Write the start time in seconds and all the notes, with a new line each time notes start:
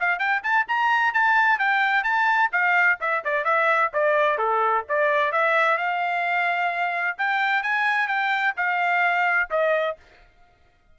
0.00 F5
0.19 G5
0.43 A5
0.68 A#5
1.13 A5
1.59 G5
2.03 A5
2.52 F5
3.00 E5
3.24 D5
3.44 E5
3.93 D5
4.38 A4
4.89 D5
5.32 E5
5.77 F5
7.18 G5
7.63 G#5
8.07 G5
8.57 F5
9.50 D#5